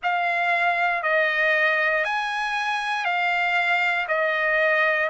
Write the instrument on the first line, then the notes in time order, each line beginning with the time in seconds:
trumpet
0.02 F5
1.02 D#5
2.04 G#5
3.04 F5
4.08 D#5